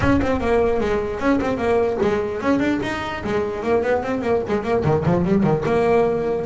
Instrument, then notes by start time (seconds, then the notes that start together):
double bass
0.00 C#4
0.21 C4
0.40 A#3
0.80 G#3
1.19 C#4
1.40 C4
1.57 A#3
2.01 G#3
2.41 C#4
2.59 D4
2.82 D#4
3.24 G#3
3.62 A#3
3.82 B3
4.03 C4
4.21 A#3
4.48 G#3
4.63 A#3
4.84 D#3
5.05 F3
5.25 G3
5.43 D#3
5.65 A#3